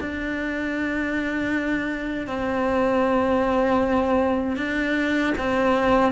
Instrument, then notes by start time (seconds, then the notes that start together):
cello
0.00 D4
2.27 C4
4.57 D4
5.38 C4